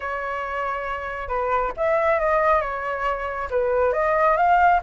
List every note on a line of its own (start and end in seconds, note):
0.00 1.28 C#5
1.28 1.72 B4
1.76 2.19 E5
2.19 2.61 D#5
2.61 3.48 C#5
3.50 3.92 B4
3.92 4.36 D#5
4.36 4.80 F5